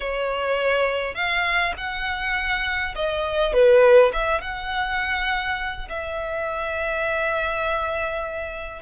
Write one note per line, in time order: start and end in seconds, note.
0.00 1.14 C#5
1.14 1.73 F5
1.77 2.94 F#5
2.95 3.53 D#5
3.53 4.12 B4
4.12 4.41 E5
4.41 5.88 F#5
5.89 8.82 E5